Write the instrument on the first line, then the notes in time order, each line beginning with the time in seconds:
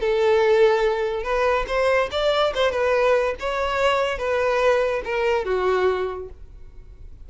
violin
0.00 A4
1.23 B4
1.67 C5
2.11 D5
2.54 C5
2.71 B4
3.39 C#5
4.18 B4
5.04 A#4
5.45 F#4